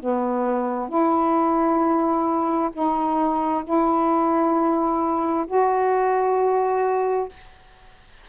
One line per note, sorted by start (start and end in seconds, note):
0.00 0.89 B3
0.89 2.71 E4
2.73 3.64 D#4
3.64 5.46 E4
5.48 7.29 F#4